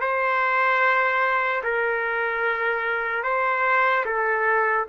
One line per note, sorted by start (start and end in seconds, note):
0.00 1.62 C5
1.63 3.23 A#4
3.23 4.04 C5
4.05 4.86 A4